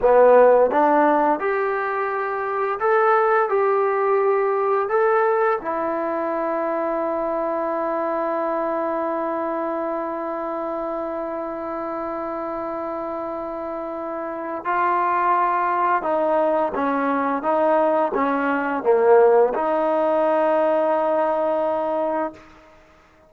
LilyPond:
\new Staff \with { instrumentName = "trombone" } { \time 4/4 \tempo 4 = 86 b4 d'4 g'2 | a'4 g'2 a'4 | e'1~ | e'1~ |
e'1~ | e'4 f'2 dis'4 | cis'4 dis'4 cis'4 ais4 | dis'1 | }